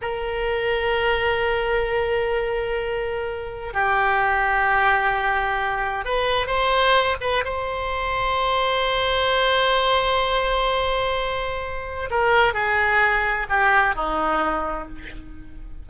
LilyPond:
\new Staff \with { instrumentName = "oboe" } { \time 4/4 \tempo 4 = 129 ais'1~ | ais'1 | g'1~ | g'4 b'4 c''4. b'8 |
c''1~ | c''1~ | c''2 ais'4 gis'4~ | gis'4 g'4 dis'2 | }